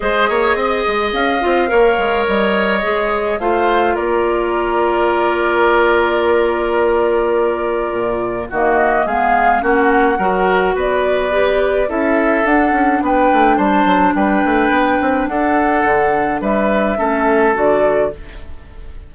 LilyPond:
<<
  \new Staff \with { instrumentName = "flute" } { \time 4/4 \tempo 4 = 106 dis''2 f''2 | dis''2 f''4 d''4~ | d''1~ | d''2. dis''4 |
f''4 fis''2 d''4~ | d''4 e''4 fis''4 g''4 | a''4 g''2 fis''4~ | fis''4 e''2 d''4 | }
  \new Staff \with { instrumentName = "oboe" } { \time 4/4 c''8 cis''8 dis''2 cis''4~ | cis''2 c''4 ais'4~ | ais'1~ | ais'2. fis'4 |
gis'4 fis'4 ais'4 b'4~ | b'4 a'2 b'4 | c''4 b'2 a'4~ | a'4 b'4 a'2 | }
  \new Staff \with { instrumentName = "clarinet" } { \time 4/4 gis'2~ gis'8 f'8 ais'4~ | ais'4 gis'4 f'2~ | f'1~ | f'2. ais4 |
b4 cis'4 fis'2 | g'4 e'4 d'2~ | d'1~ | d'2 cis'4 fis'4 | }
  \new Staff \with { instrumentName = "bassoon" } { \time 4/4 gis8 ais8 c'8 gis8 cis'8 c'8 ais8 gis8 | g4 gis4 a4 ais4~ | ais1~ | ais2 ais,4 dis4 |
gis4 ais4 fis4 b4~ | b4 cis'4 d'8 cis'8 b8 a8 | g8 fis8 g8 a8 b8 c'8 d'4 | d4 g4 a4 d4 | }
>>